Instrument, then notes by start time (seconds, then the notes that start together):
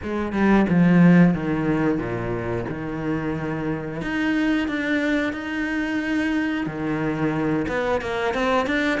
cello
0.02 G#3
0.32 G3
0.69 F3
1.33 D#3
1.98 A#2
2.68 D#3
4.01 D#4
4.68 D4
5.32 D#4
6.66 D#3
7.68 B3
8.01 A#3
8.34 C4
8.66 D4